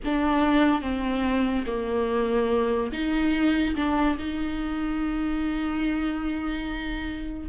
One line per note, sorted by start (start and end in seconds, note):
0.04 0.81 D4
0.81 1.64 C4
1.66 2.91 A#3
2.92 3.75 D#4
3.75 4.17 D4
4.18 7.49 D#4